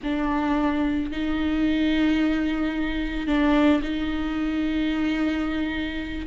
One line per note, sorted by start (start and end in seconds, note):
0.03 1.11 D4
1.11 3.27 D#4
3.27 3.81 D4
3.82 6.26 D#4